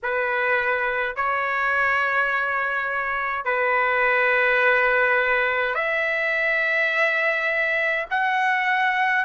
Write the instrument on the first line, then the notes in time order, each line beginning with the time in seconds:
trumpet
0.03 B4
1.15 C#5
3.44 B4
5.74 E5
8.10 F#5